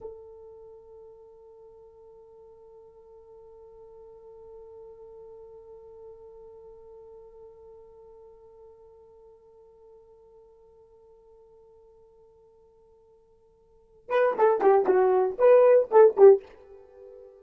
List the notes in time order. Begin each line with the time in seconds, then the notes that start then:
0.00 A4
14.09 B4
14.38 A4
14.61 G4
14.86 F#4
15.38 B4
15.90 A4
16.17 G4